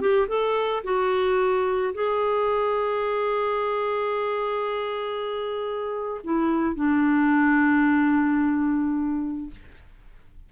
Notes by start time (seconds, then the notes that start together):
0.00 G4
0.28 A4
0.84 F#4
1.94 G#4
6.24 E4
6.75 D4